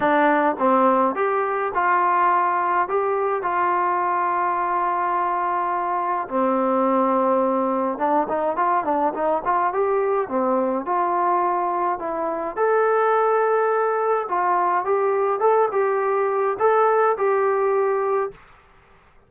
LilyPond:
\new Staff \with { instrumentName = "trombone" } { \time 4/4 \tempo 4 = 105 d'4 c'4 g'4 f'4~ | f'4 g'4 f'2~ | f'2. c'4~ | c'2 d'8 dis'8 f'8 d'8 |
dis'8 f'8 g'4 c'4 f'4~ | f'4 e'4 a'2~ | a'4 f'4 g'4 a'8 g'8~ | g'4 a'4 g'2 | }